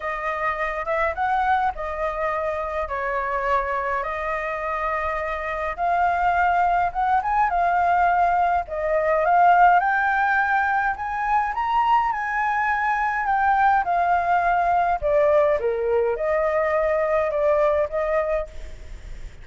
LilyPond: \new Staff \with { instrumentName = "flute" } { \time 4/4 \tempo 4 = 104 dis''4. e''8 fis''4 dis''4~ | dis''4 cis''2 dis''4~ | dis''2 f''2 | fis''8 gis''8 f''2 dis''4 |
f''4 g''2 gis''4 | ais''4 gis''2 g''4 | f''2 d''4 ais'4 | dis''2 d''4 dis''4 | }